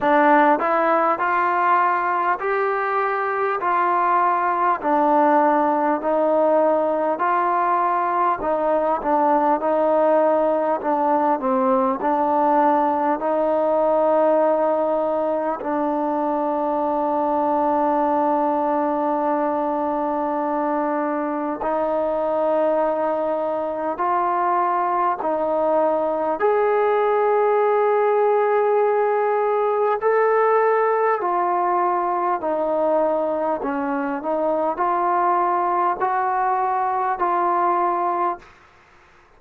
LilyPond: \new Staff \with { instrumentName = "trombone" } { \time 4/4 \tempo 4 = 50 d'8 e'8 f'4 g'4 f'4 | d'4 dis'4 f'4 dis'8 d'8 | dis'4 d'8 c'8 d'4 dis'4~ | dis'4 d'2.~ |
d'2 dis'2 | f'4 dis'4 gis'2~ | gis'4 a'4 f'4 dis'4 | cis'8 dis'8 f'4 fis'4 f'4 | }